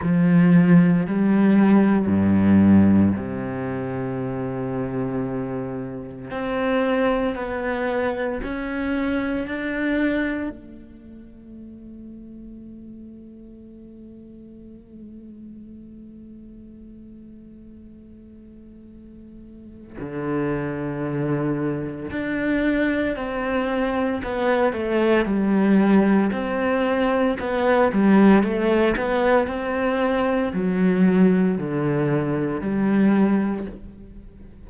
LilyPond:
\new Staff \with { instrumentName = "cello" } { \time 4/4 \tempo 4 = 57 f4 g4 g,4 c4~ | c2 c'4 b4 | cis'4 d'4 a2~ | a1~ |
a2. d4~ | d4 d'4 c'4 b8 a8 | g4 c'4 b8 g8 a8 b8 | c'4 fis4 d4 g4 | }